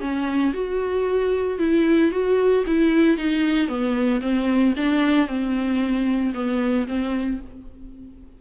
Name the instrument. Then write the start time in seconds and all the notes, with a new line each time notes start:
viola
0.00 C#4
0.53 F#4
1.58 E4
2.11 F#4
2.66 E4
3.17 D#4
3.68 B3
4.21 C4
4.76 D4
5.27 C4
6.34 B3
6.87 C4